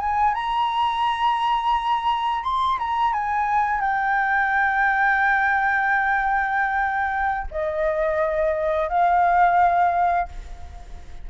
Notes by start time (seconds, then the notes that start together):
0.00 G#5
0.35 A#5
2.44 C6
2.79 A#5
3.13 G#5
3.81 G5
7.51 D#5
8.89 F5